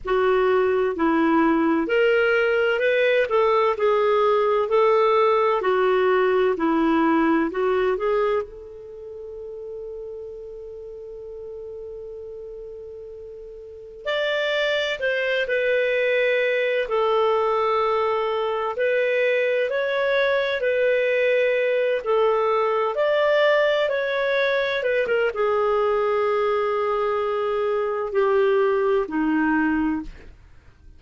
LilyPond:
\new Staff \with { instrumentName = "clarinet" } { \time 4/4 \tempo 4 = 64 fis'4 e'4 ais'4 b'8 a'8 | gis'4 a'4 fis'4 e'4 | fis'8 gis'8 a'2.~ | a'2. d''4 |
c''8 b'4. a'2 | b'4 cis''4 b'4. a'8~ | a'8 d''4 cis''4 b'16 ais'16 gis'4~ | gis'2 g'4 dis'4 | }